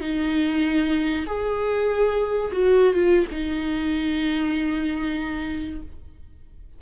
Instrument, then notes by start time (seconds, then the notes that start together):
viola
0.00 D#4
1.26 G#4
2.52 F#4
2.94 F4
3.31 D#4